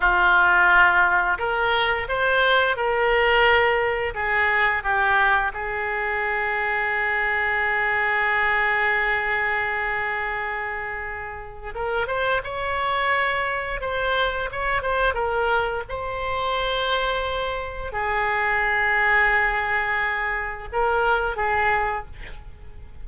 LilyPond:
\new Staff \with { instrumentName = "oboe" } { \time 4/4 \tempo 4 = 87 f'2 ais'4 c''4 | ais'2 gis'4 g'4 | gis'1~ | gis'1~ |
gis'4 ais'8 c''8 cis''2 | c''4 cis''8 c''8 ais'4 c''4~ | c''2 gis'2~ | gis'2 ais'4 gis'4 | }